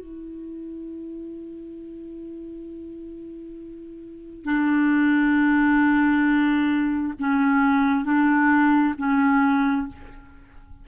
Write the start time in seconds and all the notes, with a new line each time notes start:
0.00 E4
4.45 D4
7.20 C#4
8.05 D4
8.98 C#4